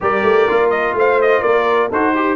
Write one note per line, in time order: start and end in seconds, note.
0.00 0.22 G3
0.00 0.48 G4
0.00 0.97 A#4
0.00 0.70 D5
0.22 0.46 A3
0.48 0.94 A#3
0.48 1.91 F4
0.70 0.93 D#5
0.94 1.41 A3
0.94 1.41 C5
0.94 1.21 F5
1.21 1.42 D#5
1.41 1.91 A#3
1.41 1.88 A#4
1.41 1.89 D5
1.89 2.36 D#4
1.89 2.15 F#4
1.89 2.13 A4
1.89 2.36 C5
2.15 2.36 G4